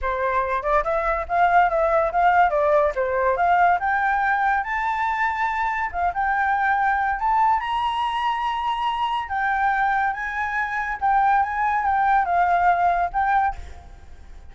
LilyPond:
\new Staff \with { instrumentName = "flute" } { \time 4/4 \tempo 4 = 142 c''4. d''8 e''4 f''4 | e''4 f''4 d''4 c''4 | f''4 g''2 a''4~ | a''2 f''8 g''4.~ |
g''4 a''4 ais''2~ | ais''2 g''2 | gis''2 g''4 gis''4 | g''4 f''2 g''4 | }